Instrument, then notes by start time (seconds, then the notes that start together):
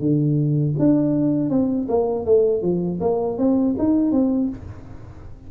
tuba
0.00 D3
0.79 D4
1.50 C4
1.89 A#3
2.25 A3
2.62 F3
3.01 A#3
3.38 C4
3.78 D#4
4.12 C4